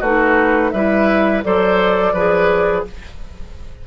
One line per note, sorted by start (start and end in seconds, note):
0.00 0.72 A3
0.00 0.75 D#4
0.00 0.71 F#4
0.00 0.71 B4
0.71 1.43 G3
0.71 1.43 E4
0.71 1.44 B4
0.71 1.42 E5
1.43 2.13 F#3
1.43 2.14 A4
1.43 2.13 C5
1.43 2.85 D5
2.13 2.84 F3
2.13 2.87 G#4
2.13 2.84 B4